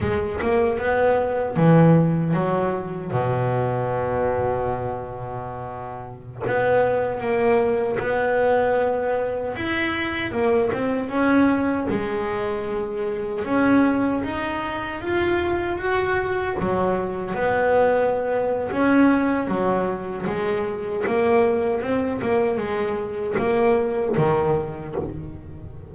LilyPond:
\new Staff \with { instrumentName = "double bass" } { \time 4/4 \tempo 4 = 77 gis8 ais8 b4 e4 fis4 | b,1~ | b,16 b4 ais4 b4.~ b16~ | b16 e'4 ais8 c'8 cis'4 gis8.~ |
gis4~ gis16 cis'4 dis'4 f'8.~ | f'16 fis'4 fis4 b4.~ b16 | cis'4 fis4 gis4 ais4 | c'8 ais8 gis4 ais4 dis4 | }